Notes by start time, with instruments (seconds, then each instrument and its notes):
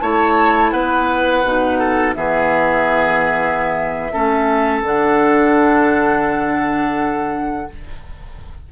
0.00 bassoon A3, clarinet E4, oboe C#5, flute A5
0.71 bassoon B3, oboe B4, flute F#5
1.44 bassoon B2, clarinet D#4
1.79 oboe A4
2.15 bassoon E3, clarinet B3, oboe G#4, flute E5
4.13 bassoon A3, clarinet C#4, oboe A4
4.83 bassoon D3, clarinet D4, flute F#5